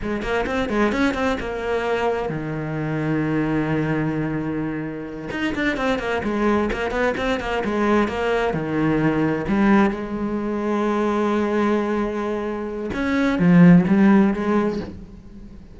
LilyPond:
\new Staff \with { instrumentName = "cello" } { \time 4/4 \tempo 4 = 130 gis8 ais8 c'8 gis8 cis'8 c'8 ais4~ | ais4 dis2.~ | dis2.~ dis8 dis'8 | d'8 c'8 ais8 gis4 ais8 b8 c'8 |
ais8 gis4 ais4 dis4.~ | dis8 g4 gis2~ gis8~ | gis1 | cis'4 f4 g4 gis4 | }